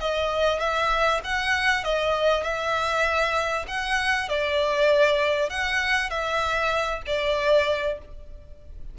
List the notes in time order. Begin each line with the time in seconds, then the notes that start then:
0.00 D#5
0.60 E5
1.24 F#5
1.84 D#5
2.43 E5
3.68 F#5
4.29 D5
5.50 F#5
6.10 E5
7.07 D5